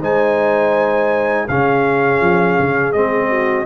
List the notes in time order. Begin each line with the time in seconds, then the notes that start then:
0.00 G#3 D#4 C5 G#5
1.48 C#3 C#4 G#4 F5
2.21 F3
2.59 C#3
2.93 G#3 C4 D#5
3.29 F#4